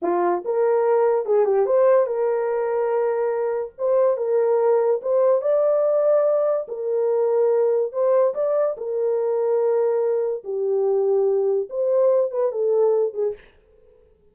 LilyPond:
\new Staff \with { instrumentName = "horn" } { \time 4/4 \tempo 4 = 144 f'4 ais'2 gis'8 g'8 | c''4 ais'2.~ | ais'4 c''4 ais'2 | c''4 d''2. |
ais'2. c''4 | d''4 ais'2.~ | ais'4 g'2. | c''4. b'8 a'4. gis'8 | }